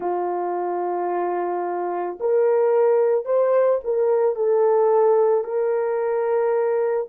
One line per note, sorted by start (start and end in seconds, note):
0.00 2.18 F4
2.20 3.25 A#4
3.25 3.79 C5
3.83 4.35 A#4
4.35 5.43 A4
5.43 7.07 A#4